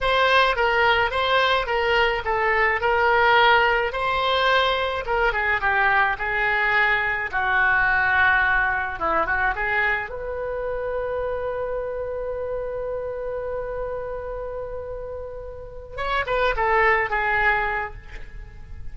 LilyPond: \new Staff \with { instrumentName = "oboe" } { \time 4/4 \tempo 4 = 107 c''4 ais'4 c''4 ais'4 | a'4 ais'2 c''4~ | c''4 ais'8 gis'8 g'4 gis'4~ | gis'4 fis'2. |
e'8 fis'8 gis'4 b'2~ | b'1~ | b'1~ | b'8 cis''8 b'8 a'4 gis'4. | }